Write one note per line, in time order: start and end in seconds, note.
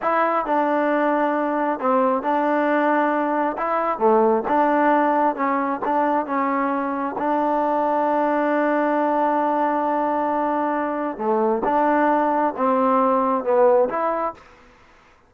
0.02 0.45 E4
0.45 1.79 D4
1.79 2.22 C4
2.22 3.56 D4
3.57 3.98 E4
3.98 4.43 A3
4.48 5.35 D4
5.35 5.80 C#4
5.84 6.26 D4
6.26 7.15 C#4
7.18 11.17 D4
11.17 11.62 A3
11.64 12.54 D4
12.56 13.43 C4
13.43 13.88 B3
13.89 14.34 E4